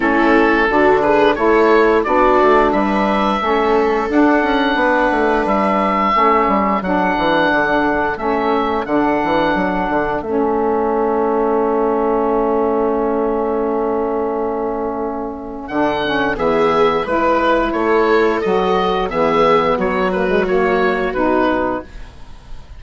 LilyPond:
<<
  \new Staff \with { instrumentName = "oboe" } { \time 4/4 \tempo 4 = 88 a'4. b'8 cis''4 d''4 | e''2 fis''2 | e''2 fis''2 | e''4 fis''2 e''4~ |
e''1~ | e''2. fis''4 | e''4 b'4 cis''4 dis''4 | e''4 cis''8 b'8 cis''4 b'4 | }
  \new Staff \with { instrumentName = "viola" } { \time 4/4 e'4 fis'8 gis'8 a'4 fis'4 | b'4 a'2 b'4~ | b'4 a'2.~ | a'1~ |
a'1~ | a'1 | gis'4 b'4 a'2 | gis'4 fis'2. | }
  \new Staff \with { instrumentName = "saxophone" } { \time 4/4 cis'4 d'4 e'4 d'4~ | d'4 cis'4 d'2~ | d'4 cis'4 d'2 | cis'4 d'2 cis'4~ |
cis'1~ | cis'2. d'8 cis'8 | b4 e'2 fis'4 | b4. ais16 gis16 ais4 dis'4 | }
  \new Staff \with { instrumentName = "bassoon" } { \time 4/4 a4 d4 a4 b8 a8 | g4 a4 d'8 cis'8 b8 a8 | g4 a8 g8 fis8 e8 d4 | a4 d8 e8 fis8 d8 a4~ |
a1~ | a2. d4 | e4 gis4 a4 fis4 | e4 fis2 b,4 | }
>>